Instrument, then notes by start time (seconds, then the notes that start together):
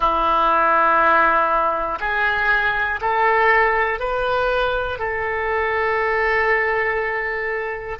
oboe
0.00 E4
2.00 G#4
3.01 A4
3.99 B4
4.99 A4